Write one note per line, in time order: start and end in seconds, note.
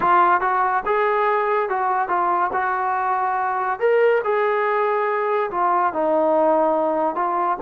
0.00 0.40 F4
0.40 0.83 F#4
0.85 1.69 G#4
1.69 2.08 F#4
2.08 2.50 F4
2.52 3.79 F#4
3.79 4.21 A#4
4.23 5.50 G#4
5.50 5.93 F4
5.93 7.14 D#4
7.14 7.57 F4